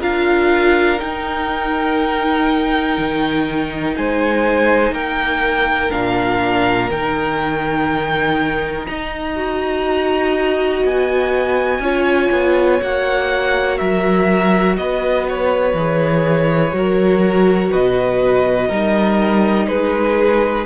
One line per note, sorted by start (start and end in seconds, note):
0.00 0.99 D4
0.00 0.97 F4
0.00 3.93 A#4
0.00 1.00 F5
0.97 5.89 D#4
0.97 2.97 D#4
0.97 3.95 G5
2.97 3.95 D#3
3.96 4.91 G#3
3.96 4.94 C5
3.96 4.93 G#5
4.91 5.90 A#3
4.91 8.87 A#4
4.91 5.91 G5
5.90 6.90 A#2
5.90 6.88 D4
5.90 6.89 F5
6.90 8.86 D#3
6.90 9.35 D#4
6.90 8.86 G5
8.86 10.83 D#4
8.86 11.83 D#5
8.86 10.83 A#5
9.35 11.81 F#4
10.83 11.79 B3
10.83 12.82 G#5
11.79 12.28 C#4
11.79 12.81 F4
11.79 13.78 C#5
12.31 12.80 B3
12.81 13.80 A#3
12.81 15.76 F#4
12.81 13.77 F#5
13.77 14.77 F#3
13.77 14.76 A#4
13.77 14.76 E5
14.76 15.73 B3
14.76 16.76 B4
14.76 15.25 D#5
15.28 17.72 C#5
15.73 16.72 E3
15.73 16.72 G#4
16.72 17.71 F#3
16.72 18.68 F#4
16.72 17.71 A#4
17.71 18.69 B2
17.71 18.68 B4
17.71 19.67 D#5
18.68 19.67 G3
18.68 20.65 D#4
18.68 19.66 A#4
19.67 20.66 G#3
19.67 20.66 G#4
19.67 20.66 B4